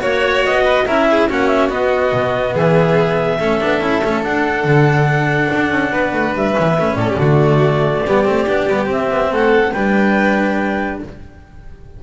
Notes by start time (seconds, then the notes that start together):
0.00 A#3 F#4 C#5
0.45 B3 D#5
0.64 B4
0.86 C#4 E4 A#4 E5
1.11 G#4
1.30 A#3 C#4 F#4 F#5
1.47 E5
1.70 B3 D#5
2.13 B2
2.54 E3 G#4 E5
3.39 A3 C#4 A4
3.61 B3 D4
3.80 C#4 E4
4.04 A3 C#4
4.23 D4 F#5
4.64 D3
5.55 D4
5.70 C#4
5.92 B3 B4
6.13 A3
6.35 G3 E5
6.57 E3 C#4
6.68 B3
6.79 A3 C#4
6.95 A2 A4 D5
7.10 G4
7.17 D3 F#4
7.24 A3
8.06 G3 B3 G4
8.25 A3 C4
8.47 B3 D4
8.68 G3 B3
8.86 C4
8.92 E5
9.11 B3
9.32 A3 A4 F#5
9.73 G3 D4 B4 G5